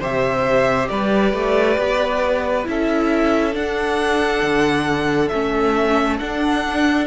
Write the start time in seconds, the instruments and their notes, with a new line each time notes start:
0.00 cello C3, viola G4, violin C5 E5
0.88 cello G3, violin B4 D5
1.33 cello A3
1.78 cello B3
2.64 cello C#4, viola E4, violin A4 E5
3.52 viola D4, cello D4, violin F#5
4.43 cello D3
5.28 cello A3, viola C#4, violin E5
6.19 viola D4, cello D4, violin F#5